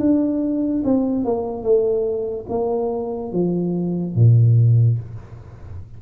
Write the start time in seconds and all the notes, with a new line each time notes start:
0.00 D4
0.85 C4
1.25 A#3
1.63 A3
2.49 A#3
3.33 F3
4.16 A#2